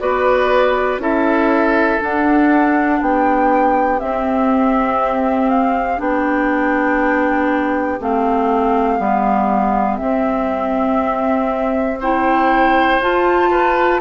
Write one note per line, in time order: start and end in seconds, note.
0.00 0.99 B3
0.00 1.00 F#4
0.00 1.02 B4
0.00 1.00 D5
0.99 1.99 C#4
0.99 2.00 E4
0.99 3.00 A4
0.99 2.02 E5
2.00 4.00 D4
2.00 3.01 D4
2.00 3.03 F#5
3.00 4.01 B3
3.00 12.00 G4
3.00 4.00 G5
4.00 5.98 C4
4.00 6.00 C4
4.00 5.50 E5
5.50 6.00 F5
5.98 8.00 B3
5.98 7.98 D4
5.98 8.01 G5
8.01 9.00 A3
8.01 8.99 C4
8.01 9.98 F5
8.99 10.00 G3
8.99 9.99 B3
9.98 11.99 C4
9.98 13.00 C4
9.98 11.98 E5
12.00 13.01 E4
12.00 13.50 C5
12.00 13.02 G5
13.00 14.00 F4
13.00 14.01 F4
13.00 14.01 A5
13.51 14.01 B4